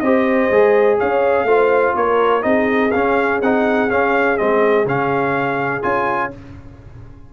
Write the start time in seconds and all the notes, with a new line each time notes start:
0.00 C4 G4 C5 D#5
0.51 G#3 G#4
0.99 C#4 C#5 F5
1.44 A3 F4 C5
1.96 A#3 A#4 C#5
2.42 C4 D#4 G#4 D#5
2.91 C#4 F5
3.42 C4 D#4 F#5
3.90 C#4 F5
4.38 G#3 C4 D#5
4.86 C#3 C#4 F5
5.83 C#4 F4 G#5